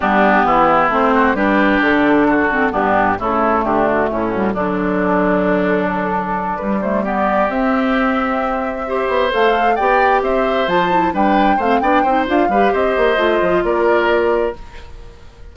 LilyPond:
<<
  \new Staff \with { instrumentName = "flute" } { \time 4/4 \tempo 4 = 132 g'2 c''4 b'4 | a'2 g'4 a'4 | g'8 fis'8 e'8 fis'8 d'2~ | d'8 a'2 b'8 c''8 d''8~ |
d''8 e''2.~ e''8~ | e''8 f''4 g''4 e''4 a''8~ | a''8 g''4 f''8 g''4 f''4 | dis''2 d''2 | }
  \new Staff \with { instrumentName = "oboe" } { \time 4/4 d'4 e'4. fis'8 g'4~ | g'4 fis'4 d'4 e'4 | d'4 cis'4 d'2~ | d'2.~ d'8 g'8~ |
g'2.~ g'8 c''8~ | c''4. d''4 c''4.~ | c''8 b'4 c''8 d''8 c''4 b'8 | c''2 ais'2 | }
  \new Staff \with { instrumentName = "clarinet" } { \time 4/4 b2 c'4 d'4~ | d'4. c'8 b4 a4~ | a4. g8 fis2~ | fis2~ fis8 g8 a8 b8~ |
b8 c'2. g'8~ | g'8 a'4 g'2 f'8 | e'8 d'4 c'8 d'8 dis'8 f'8 g'8~ | g'4 f'2. | }
  \new Staff \with { instrumentName = "bassoon" } { \time 4/4 g4 e4 a4 g4 | d2 g,4 cis4 | d4 a,4 d2~ | d2~ d8 g4.~ |
g8 c'2.~ c'8 | b8 a4 b4 c'4 f8~ | f8 g4 a8 b8 c'8 d'8 g8 | c'8 ais8 a8 f8 ais2 | }
>>